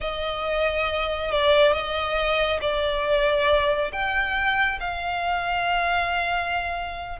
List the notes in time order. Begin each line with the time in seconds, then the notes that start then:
0.00 D#5
1.31 D5
1.72 D#5
2.61 D5
3.92 G5
4.79 F5